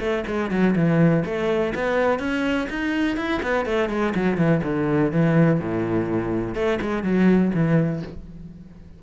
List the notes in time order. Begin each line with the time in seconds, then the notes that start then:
0.00 A3
0.27 G#3
0.51 F#3
0.76 E3
1.26 A3
1.75 B3
2.20 C#4
2.70 D#4
3.17 E4
3.43 B3
3.66 A3
3.90 G#3
4.15 F#3
4.37 E3
4.64 D3
5.12 E3
5.60 A2
6.55 A3
6.81 G#3
7.03 F#3
7.54 E3